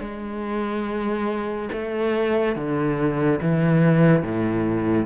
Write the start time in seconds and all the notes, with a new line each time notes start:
0.00 G#3
1.72 A3
2.55 D3
3.41 E3
4.23 A2